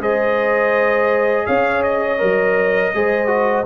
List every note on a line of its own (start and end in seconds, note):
0.00 1.46 G#3
0.00 2.19 G#4
0.00 1.46 C5
0.00 1.46 D#5
1.46 2.22 C#4
1.46 2.93 C#5
1.46 1.83 F5
1.83 3.66 D#5
2.19 2.95 F#3
2.19 2.92 A#4
2.95 3.66 G#3
2.95 3.27 G#4
2.95 3.66 C5
3.27 3.64 F#4